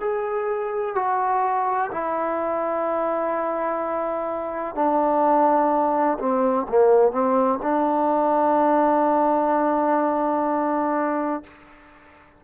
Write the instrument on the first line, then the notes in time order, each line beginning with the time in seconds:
trombone
0.00 G#4
0.95 F#4
1.92 E4
4.75 D4
6.19 C4
6.68 A#3
7.12 C4
7.62 D4